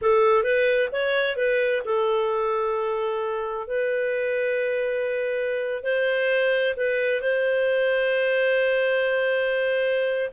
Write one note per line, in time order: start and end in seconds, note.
0.01 0.43 A4
0.43 0.89 B4
0.92 1.36 C#5
1.36 1.82 B4
1.84 3.67 A4
3.67 5.83 B4
5.83 6.74 C5
6.76 7.21 B4
7.21 10.30 C5